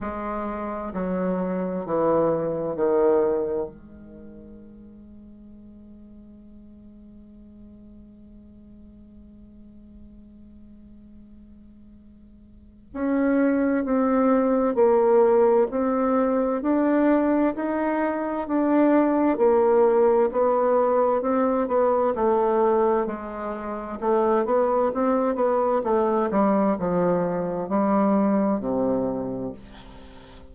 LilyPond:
\new Staff \with { instrumentName = "bassoon" } { \time 4/4 \tempo 4 = 65 gis4 fis4 e4 dis4 | gis1~ | gis1~ | gis2 cis'4 c'4 |
ais4 c'4 d'4 dis'4 | d'4 ais4 b4 c'8 b8 | a4 gis4 a8 b8 c'8 b8 | a8 g8 f4 g4 c4 | }